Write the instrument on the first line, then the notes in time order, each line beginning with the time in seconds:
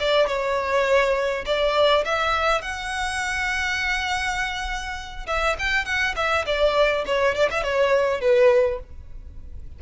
violin
0.00 D5
0.28 C#5
1.46 D5
2.05 E5
2.62 F#5
5.27 E5
5.59 G5
5.86 F#5
6.16 E5
6.46 D5
7.06 C#5
7.35 D5
7.51 E5
7.63 C#5
8.21 B4